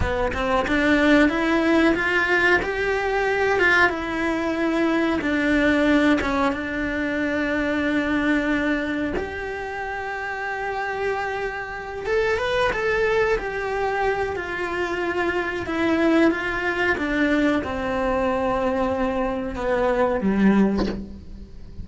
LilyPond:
\new Staff \with { instrumentName = "cello" } { \time 4/4 \tempo 4 = 92 b8 c'8 d'4 e'4 f'4 | g'4. f'8 e'2 | d'4. cis'8 d'2~ | d'2 g'2~ |
g'2~ g'8 a'8 b'8 a'8~ | a'8 g'4. f'2 | e'4 f'4 d'4 c'4~ | c'2 b4 g4 | }